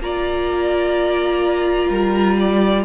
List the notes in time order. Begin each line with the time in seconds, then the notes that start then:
0.00 A#3 F4 D5 A#5
1.90 G3 A#4
2.40 D5